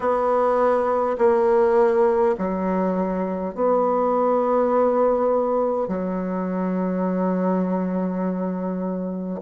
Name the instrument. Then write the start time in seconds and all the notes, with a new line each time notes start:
bassoon
0.00 B3
1.18 A#3
2.38 F#3
3.55 B3
5.88 F#3